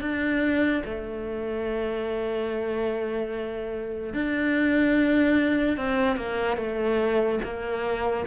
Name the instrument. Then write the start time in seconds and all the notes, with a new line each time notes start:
cello
0.00 D4
0.84 A3
4.13 D4
5.77 C4
6.16 A#3
6.56 A3
7.43 A#3